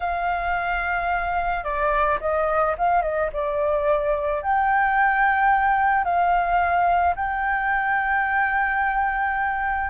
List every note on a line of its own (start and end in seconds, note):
0.00 1.63 F5
1.63 2.18 D5
2.20 2.75 D#5
2.77 3.02 F5
3.02 3.29 D#5
3.32 4.42 D5
4.42 6.04 G5
6.04 7.14 F5
7.15 9.90 G5